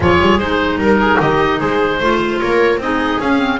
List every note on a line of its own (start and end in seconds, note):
0.00 0.19 F3
0.00 0.39 F4
0.00 0.78 G#4
0.00 0.39 C#5
0.20 0.38 G3
0.38 0.77 G#3
0.38 2.01 D#4
0.38 0.79 C5
0.77 1.17 G3
0.77 0.98 A#4
0.77 1.20 A#4
1.00 1.20 G#4
1.20 1.60 D#3
1.20 1.59 G4
1.20 1.60 D#5
1.59 2.00 G#3
1.59 1.99 G#4
1.59 2.39 C5
1.99 2.40 A3
1.99 2.81 F4
1.99 2.39 C5
2.39 2.77 A#3
2.39 2.81 A#4
2.39 2.79 C#5
2.77 3.17 C4
2.77 3.21 D#4
2.77 3.60 G#4
2.77 3.20 D#5
3.19 3.59 C#4
3.19 3.38 C#4
3.19 3.60 F5
3.38 3.58 C4